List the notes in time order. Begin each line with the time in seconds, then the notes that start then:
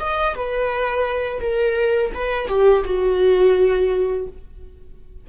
0.00 D#5
0.35 B4
1.41 A#4
2.14 B4
2.48 G4
2.85 F#4